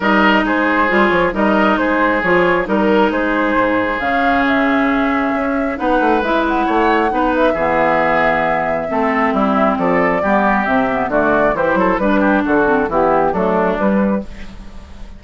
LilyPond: <<
  \new Staff \with { instrumentName = "flute" } { \time 4/4 \tempo 4 = 135 dis''4 c''4. cis''8 dis''4 | c''4 cis''4 ais'4 c''4~ | c''4 f''4 e''2~ | e''4 fis''4 e''8 fis''4.~ |
fis''8 e''2.~ e''8~ | e''2 d''2 | e''4 d''4 c''4 b'4 | a'4 g'4 a'4 b'4 | }
  \new Staff \with { instrumentName = "oboe" } { \time 4/4 ais'4 gis'2 ais'4 | gis'2 ais'4 gis'4~ | gis'1~ | gis'4 b'2 cis''4 |
b'4 gis'2. | a'4 e'4 a'4 g'4~ | g'4 fis'4 g'8 a'8 b'8 g'8 | fis'4 e'4 d'2 | }
  \new Staff \with { instrumentName = "clarinet" } { \time 4/4 dis'2 f'4 dis'4~ | dis'4 f'4 dis'2~ | dis'4 cis'2.~ | cis'4 dis'4 e'2 |
dis'4 b2. | c'2. b4 | c'8 b8 a4 e'4 d'4~ | d'8 c'8 b4 a4 g4 | }
  \new Staff \with { instrumentName = "bassoon" } { \time 4/4 g4 gis4 g8 f8 g4 | gis4 f4 g4 gis4 | gis,4 cis2. | cis'4 b8 a8 gis4 a4 |
b4 e2. | a4 g4 f4 g4 | c4 d4 e8 fis8 g4 | d4 e4 fis4 g4 | }
>>